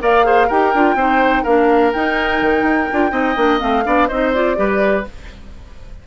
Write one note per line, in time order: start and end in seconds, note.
0.00 0.49 A#3
0.00 0.24 A#4
0.00 0.26 D5
0.00 0.50 F5
0.24 0.48 G#4
0.24 0.47 C5
0.47 0.74 D#4
0.47 0.74 G4
0.47 0.95 A#4
0.47 1.44 G5
0.74 0.95 D4
0.74 0.97 F4
0.95 1.43 C4
0.95 1.45 D#4
0.95 1.43 C5
1.43 1.94 A#3
1.43 1.94 D4
1.43 3.11 A#4
1.43 1.92 F5
1.93 2.90 D#4
1.93 2.41 D#4
1.93 3.60 G5
2.41 2.62 D#3
2.62 2.86 D#4
2.92 3.11 D4
2.92 3.10 F4
3.10 3.35 C4
3.10 3.34 D#4
3.10 3.84 D#5
3.36 3.60 A#3
3.36 3.59 D4
3.59 3.86 A3
3.59 3.83 C4
3.59 4.08 F5
3.85 4.10 B3
3.85 4.08 D4
3.85 4.08 D5
4.08 4.58 C4
4.08 4.34 D#4
4.08 4.56 C5
4.08 4.32 D#5
4.33 4.56 F4
4.33 5.05 D5
4.56 5.06 G3
4.56 5.04 G4
4.56 5.07 B4